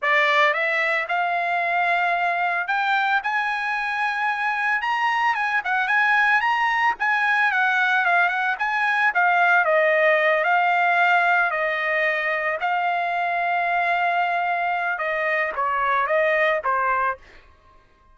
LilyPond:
\new Staff \with { instrumentName = "trumpet" } { \time 4/4 \tempo 4 = 112 d''4 e''4 f''2~ | f''4 g''4 gis''2~ | gis''4 ais''4 gis''8 fis''8 gis''4 | ais''4 gis''4 fis''4 f''8 fis''8 |
gis''4 f''4 dis''4. f''8~ | f''4. dis''2 f''8~ | f''1 | dis''4 cis''4 dis''4 c''4 | }